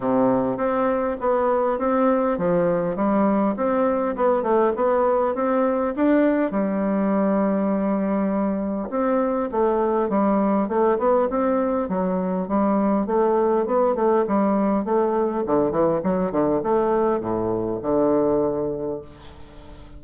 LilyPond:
\new Staff \with { instrumentName = "bassoon" } { \time 4/4 \tempo 4 = 101 c4 c'4 b4 c'4 | f4 g4 c'4 b8 a8 | b4 c'4 d'4 g4~ | g2. c'4 |
a4 g4 a8 b8 c'4 | fis4 g4 a4 b8 a8 | g4 a4 d8 e8 fis8 d8 | a4 a,4 d2 | }